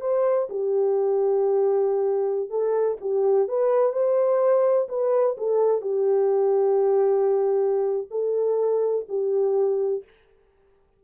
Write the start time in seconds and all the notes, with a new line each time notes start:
0.00 C5
0.49 G4
2.50 A4
3.00 G4
3.48 B4
3.92 C5
4.88 B4
5.37 A4
5.81 G4
8.10 A4
9.08 G4